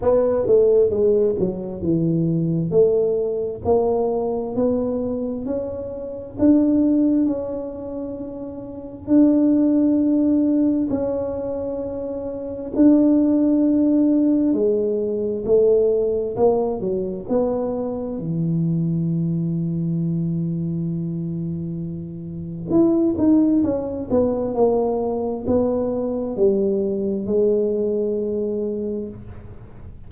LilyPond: \new Staff \with { instrumentName = "tuba" } { \time 4/4 \tempo 4 = 66 b8 a8 gis8 fis8 e4 a4 | ais4 b4 cis'4 d'4 | cis'2 d'2 | cis'2 d'2 |
gis4 a4 ais8 fis8 b4 | e1~ | e4 e'8 dis'8 cis'8 b8 ais4 | b4 g4 gis2 | }